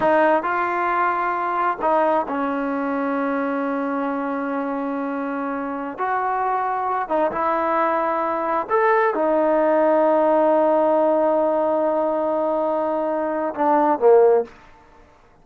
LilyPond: \new Staff \with { instrumentName = "trombone" } { \time 4/4 \tempo 4 = 133 dis'4 f'2. | dis'4 cis'2.~ | cis'1~ | cis'4~ cis'16 fis'2~ fis'8 dis'16~ |
dis'16 e'2. a'8.~ | a'16 dis'2.~ dis'8.~ | dis'1~ | dis'2 d'4 ais4 | }